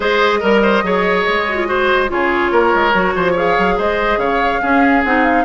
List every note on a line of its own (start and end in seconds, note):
0.00 0.41 G#3
0.00 0.42 G#4
0.00 0.39 C5
0.00 2.11 D#5
0.39 0.83 G3
0.39 0.60 A#4
0.39 0.83 A#4
0.62 0.83 C5
0.83 1.25 F#3
0.83 1.47 G#4
0.83 1.68 C#5
1.28 2.10 G#3
1.48 1.57 F#4
1.57 1.66 F4
1.66 2.08 F#4
1.66 2.10 C5
2.08 2.51 C#3
2.08 2.91 F4
2.08 2.51 G#4
2.08 3.36 C#5
2.51 2.72 A#3
2.51 3.14 A#4
2.74 2.93 G#3
2.93 3.14 F#3
2.93 3.35 F#4
3.15 3.57 F3
3.15 3.31 C5
3.31 4.61 G#4
3.31 3.73 C#5
3.31 3.78 F5
3.57 3.78 F#3
3.77 4.17 G#3
3.77 4.19 C5
3.77 4.19 D#5
4.17 4.58 C#3
4.17 4.61 C#5
4.17 5.03 F5
4.61 5.03 C#4
4.61 5.04 C#4
4.61 5.44 G#4
5.04 5.44 C4
5.04 5.44 D#4
5.04 5.24 F#5
5.24 5.44 F5